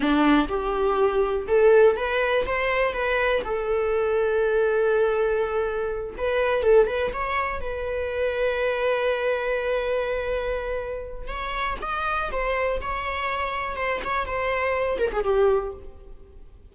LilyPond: \new Staff \with { instrumentName = "viola" } { \time 4/4 \tempo 4 = 122 d'4 g'2 a'4 | b'4 c''4 b'4 a'4~ | a'1~ | a'8 b'4 a'8 b'8 cis''4 b'8~ |
b'1~ | b'2. cis''4 | dis''4 c''4 cis''2 | c''8 cis''8 c''4. ais'16 gis'16 g'4 | }